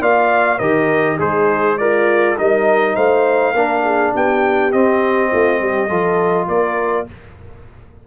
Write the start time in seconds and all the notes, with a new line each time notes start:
0.00 A#3 F4 D5 F5
0.58 D#3 G4 A#4 D#5
1.16 G#3 D#4 G#4 C5
1.77 F4 A#4 D5
2.37 G3 D#4 A#4 D#5
2.95 A3 C5 F5
3.53 A#3 D4 A#4
3.83 G#4
4.14 B3 G4 G5
4.72 C4 D#5
5.31 A3 F4
5.60 G3 G4
5.88 F3 F4 A4
6.48 A#3 A#4 D5